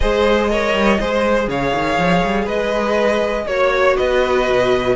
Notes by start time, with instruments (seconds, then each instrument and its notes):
0.00 cello G#3, viola G#4, violin C5 D#5
0.50 viola A#4, violin C#5
0.73 cello G3
0.99 cello G#3, viola G#4, violin C5
1.47 cello C#3, violin C#5 F5
1.74 cello D#3
1.97 cello F3
2.23 cello G3
2.44 cello G#3, violin B4 D#5
3.46 cello A#3, viola F#4, violin C#5
3.96 cello B3, violin B4 D#5
4.49 cello B2